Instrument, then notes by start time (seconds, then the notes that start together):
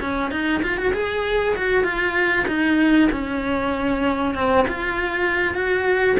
cello
0.00 C#4
0.31 D#4
0.62 F4
0.77 F#4
0.93 G#4
1.56 F#4
1.83 F4
2.47 D#4
3.12 C#4
4.35 C4
4.68 F4
5.54 F#4